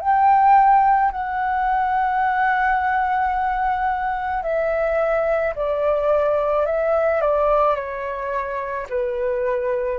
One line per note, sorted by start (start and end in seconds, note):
0.00 1.11 G5
1.12 4.43 F#5
4.43 5.54 E5
5.56 6.66 D5
6.66 7.21 E5
7.21 7.75 D5
7.75 8.86 C#5
8.89 9.99 B4